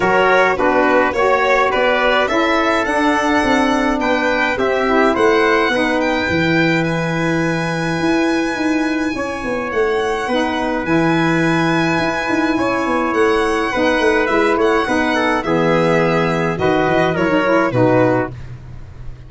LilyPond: <<
  \new Staff \with { instrumentName = "violin" } { \time 4/4 \tempo 4 = 105 cis''4 b'4 cis''4 d''4 | e''4 fis''2 g''4 | e''4 fis''4. g''4. | gis''1~ |
gis''4 fis''2 gis''4~ | gis''2. fis''4~ | fis''4 e''8 fis''4. e''4~ | e''4 dis''4 cis''4 b'4 | }
  \new Staff \with { instrumentName = "trumpet" } { \time 4/4 ais'4 fis'4 cis''4 b'4 | a'2. b'4 | g'4 c''4 b'2~ | b'1 |
cis''2 b'2~ | b'2 cis''2 | b'4. cis''8 b'8 a'8 gis'4~ | gis'4 b'4 ais'4 fis'4 | }
  \new Staff \with { instrumentName = "saxophone" } { \time 4/4 fis'4 d'4 fis'2 | e'4 d'2. | c'8 e'4. dis'4 e'4~ | e'1~ |
e'2 dis'4 e'4~ | e'1 | dis'4 e'4 dis'4 b4~ | b4 fis'4 e'16 dis'16 e'8 dis'4 | }
  \new Staff \with { instrumentName = "tuba" } { \time 4/4 fis4 b4 ais4 b4 | cis'4 d'4 c'4 b4 | c'4 a4 b4 e4~ | e2 e'4 dis'4 |
cis'8 b8 a4 b4 e4~ | e4 e'8 dis'8 cis'8 b8 a4 | b8 a8 gis8 a8 b4 e4~ | e4 dis8 e8 fis4 b,4 | }
>>